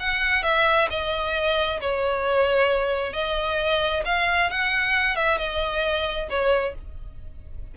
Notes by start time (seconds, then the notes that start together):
0.00 F#5
0.43 E5
0.90 D#5
1.81 C#5
3.13 D#5
4.05 F5
4.51 F#5
5.16 E5
5.38 D#5
6.30 C#5